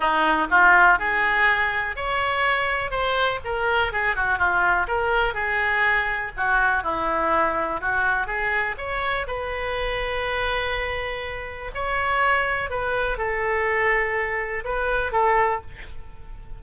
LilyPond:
\new Staff \with { instrumentName = "oboe" } { \time 4/4 \tempo 4 = 123 dis'4 f'4 gis'2 | cis''2 c''4 ais'4 | gis'8 fis'8 f'4 ais'4 gis'4~ | gis'4 fis'4 e'2 |
fis'4 gis'4 cis''4 b'4~ | b'1 | cis''2 b'4 a'4~ | a'2 b'4 a'4 | }